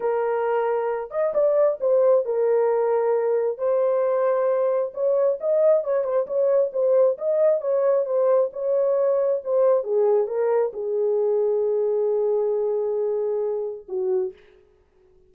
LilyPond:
\new Staff \with { instrumentName = "horn" } { \time 4/4 \tempo 4 = 134 ais'2~ ais'8 dis''8 d''4 | c''4 ais'2. | c''2. cis''4 | dis''4 cis''8 c''8 cis''4 c''4 |
dis''4 cis''4 c''4 cis''4~ | cis''4 c''4 gis'4 ais'4 | gis'1~ | gis'2. fis'4 | }